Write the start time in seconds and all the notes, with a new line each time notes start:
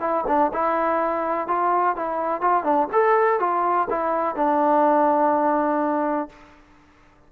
0.00 E4
0.27 D4
0.53 E4
1.47 F4
1.96 E4
2.41 F4
2.63 D4
2.92 A4
3.40 F4
3.90 E4
4.35 D4